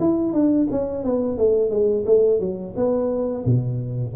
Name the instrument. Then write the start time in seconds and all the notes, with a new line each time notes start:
tuba
0.00 E4
0.33 D4
0.71 C#4
1.04 B3
1.38 A3
1.71 G#3
2.06 A3
2.40 F#3
2.76 B3
3.45 B2